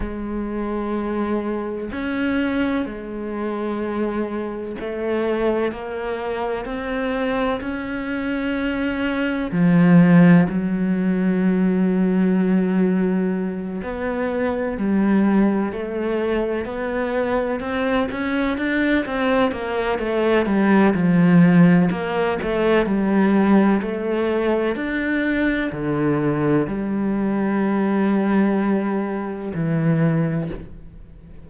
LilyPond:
\new Staff \with { instrumentName = "cello" } { \time 4/4 \tempo 4 = 63 gis2 cis'4 gis4~ | gis4 a4 ais4 c'4 | cis'2 f4 fis4~ | fis2~ fis8 b4 g8~ |
g8 a4 b4 c'8 cis'8 d'8 | c'8 ais8 a8 g8 f4 ais8 a8 | g4 a4 d'4 d4 | g2. e4 | }